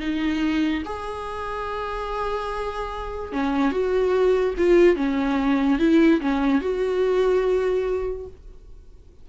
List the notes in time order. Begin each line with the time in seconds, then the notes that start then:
0.00 D#4
0.85 G#4
3.33 C#4
3.72 F#4
4.58 F4
4.96 C#4
5.79 E4
6.21 C#4
6.61 F#4